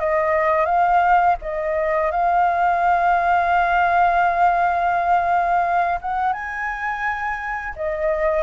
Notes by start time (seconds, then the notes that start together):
0.00 D#5
0.66 F5
1.42 D#5
2.11 F5
6.02 F#5
6.33 G#5
7.76 D#5